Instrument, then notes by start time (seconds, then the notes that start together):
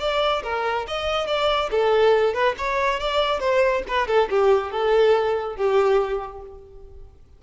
violin
0.00 D5
0.44 A#4
0.87 D#5
1.27 D5
1.71 A4
2.34 B4
2.58 C#5
3.00 D5
3.40 C5
3.88 B4
4.07 A4
4.30 G4
4.71 A4
5.56 G4